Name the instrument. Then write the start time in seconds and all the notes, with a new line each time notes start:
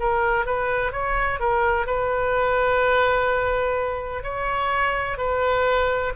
oboe
0.00 A#4
0.46 B4
0.92 C#5
1.40 A#4
1.87 B4
4.24 C#5
5.18 B4